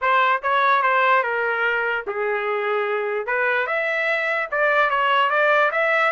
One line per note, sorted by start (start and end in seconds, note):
0.01 0.42 C5
0.42 0.82 C#5
0.82 1.23 C5
1.23 2.04 A#4
2.06 3.26 G#4
3.26 3.66 B4
3.66 4.48 E5
4.51 4.90 D5
4.90 5.29 C#5
5.29 5.70 D5
5.71 6.12 E5